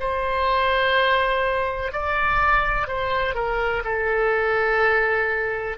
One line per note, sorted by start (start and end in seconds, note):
0.00 1.93 C5
1.93 2.88 D5
2.88 3.35 C5
3.35 3.83 A#4
3.84 5.78 A4